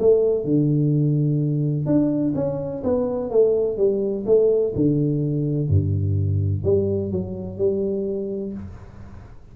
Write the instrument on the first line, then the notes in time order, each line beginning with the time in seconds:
tuba
0.00 A3
0.45 D3
1.87 D4
2.35 C#4
2.84 B3
3.31 A3
3.78 G3
4.26 A3
4.75 D3
5.69 G2
6.64 G3
7.12 F#3
7.58 G3